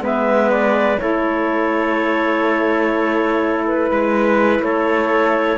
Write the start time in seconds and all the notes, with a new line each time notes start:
0.00 G#3 B3 B4 E5
0.51 D5
0.98 A3 E4 A4 C#5
3.67 B4
3.91 G#3 B4
4.60 A3 A4 C#5